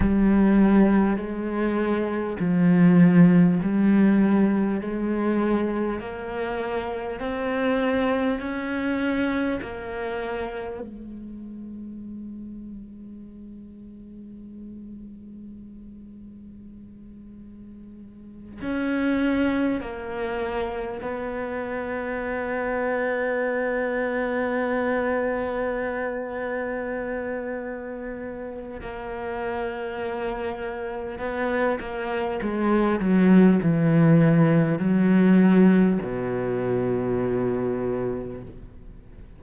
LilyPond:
\new Staff \with { instrumentName = "cello" } { \time 4/4 \tempo 4 = 50 g4 gis4 f4 g4 | gis4 ais4 c'4 cis'4 | ais4 gis2.~ | gis2.~ gis8 cis'8~ |
cis'8 ais4 b2~ b8~ | b1 | ais2 b8 ais8 gis8 fis8 | e4 fis4 b,2 | }